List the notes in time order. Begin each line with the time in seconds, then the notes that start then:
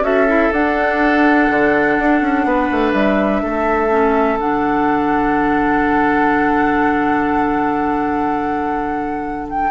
0.00 C#4 F#4 A4 E5
0.28 E4
0.52 D4 F#5
1.49 D3
1.99 D4
2.21 C#4
2.44 B3 B4
2.71 A3
2.93 G3 E5
3.43 A3 A4
3.90 C#4
4.39 D3 D4 F#5
9.49 G5